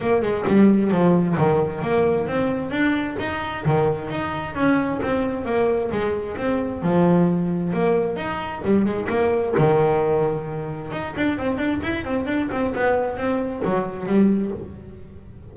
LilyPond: \new Staff \with { instrumentName = "double bass" } { \time 4/4 \tempo 4 = 132 ais8 gis8 g4 f4 dis4 | ais4 c'4 d'4 dis'4 | dis4 dis'4 cis'4 c'4 | ais4 gis4 c'4 f4~ |
f4 ais4 dis'4 g8 gis8 | ais4 dis2. | dis'8 d'8 c'8 d'8 e'8 c'8 d'8 c'8 | b4 c'4 fis4 g4 | }